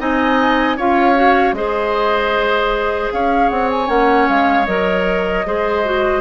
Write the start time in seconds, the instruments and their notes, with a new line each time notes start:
0.00 bassoon C4, clarinet D#4, oboe D#5, flute G#5
0.77 bassoon C#4, clarinet F4, oboe C#5, flute F5
1.16 clarinet F#4
1.53 bassoon G#3, clarinet G#4, oboe C5, flute D#5
3.13 bassoon C#4, oboe C#5, flute F5
3.50 bassoon C4, flute F#5
3.71 flute G#5
3.87 bassoon A#3, clarinet C#4, flute F#5
4.29 bassoon G#3, flute F5
4.67 bassoon F#3, clarinet A#4, flute D#5
5.46 bassoon G#3, clarinet G#4, oboe C5
5.85 clarinet F#4